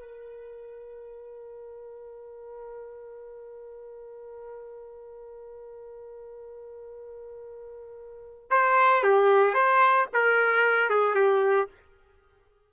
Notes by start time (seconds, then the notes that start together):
0.00 A#4
8.50 C5
9.03 G4
9.54 C5
10.13 A#4
10.90 G#4
11.15 G4